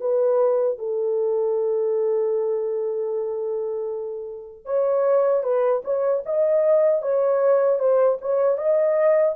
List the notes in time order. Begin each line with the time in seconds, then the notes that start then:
0.00 B4
0.78 A4
4.65 C#5
5.43 B4
5.84 C#5
6.25 D#5
7.02 C#5
7.79 C5
8.21 C#5
8.57 D#5